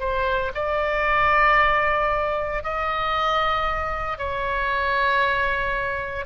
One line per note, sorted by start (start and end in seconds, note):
0.00 0.52 C5
0.55 2.63 D5
2.63 4.19 D#5
4.19 6.26 C#5